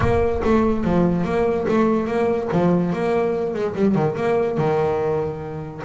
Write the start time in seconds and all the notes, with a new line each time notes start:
0.00 A#3
0.44 A3
0.84 F3
1.24 A#3
1.68 A3
2.06 A#3
2.52 F3
2.92 A#3
3.53 G#3
3.75 G3
3.94 D#3
4.16 A#3
4.57 D#3